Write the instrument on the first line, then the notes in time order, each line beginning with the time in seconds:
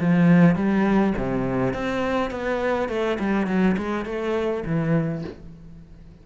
cello
0.00 F3
0.56 G3
1.18 C3
1.74 C4
2.31 B3
2.89 A3
3.20 G3
3.47 F#3
3.78 G#3
4.06 A3
4.66 E3